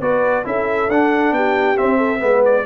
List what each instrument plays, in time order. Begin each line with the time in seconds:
0.00 tuba B3, trombone F#4, horn B4, trumpet D5
0.44 tuba C#4, trombone E4, horn A4, trumpet E5
0.88 tuba D4, trombone D4, trumpet F#5
1.32 tuba B3, horn G4, trumpet G5
1.76 trombone C4, tuba C4, trumpet E5
1.97 horn A4
2.19 tuba G#3, trombone B3, horn B4
2.45 trumpet D5